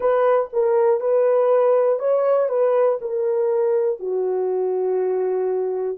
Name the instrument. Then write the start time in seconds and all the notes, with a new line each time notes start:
horn
0.00 B4
0.53 A#4
1.00 B4
1.99 C#5
2.48 B4
3.01 A#4
4.00 F#4